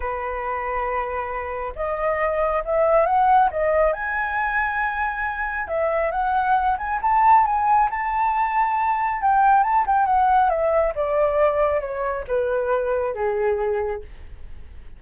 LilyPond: \new Staff \with { instrumentName = "flute" } { \time 4/4 \tempo 4 = 137 b'1 | dis''2 e''4 fis''4 | dis''4 gis''2.~ | gis''4 e''4 fis''4. gis''8 |
a''4 gis''4 a''2~ | a''4 g''4 a''8 g''8 fis''4 | e''4 d''2 cis''4 | b'2 gis'2 | }